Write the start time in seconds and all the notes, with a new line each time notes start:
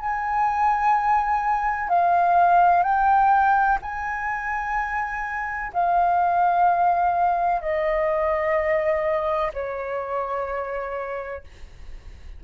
0.00 G#5
1.89 F5
2.83 G5
3.82 G#5
5.73 F5
7.62 D#5
9.54 C#5